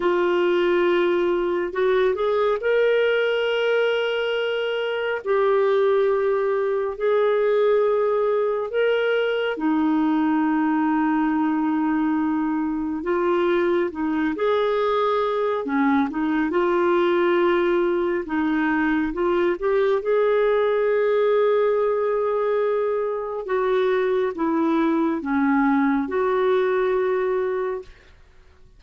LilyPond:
\new Staff \with { instrumentName = "clarinet" } { \time 4/4 \tempo 4 = 69 f'2 fis'8 gis'8 ais'4~ | ais'2 g'2 | gis'2 ais'4 dis'4~ | dis'2. f'4 |
dis'8 gis'4. cis'8 dis'8 f'4~ | f'4 dis'4 f'8 g'8 gis'4~ | gis'2. fis'4 | e'4 cis'4 fis'2 | }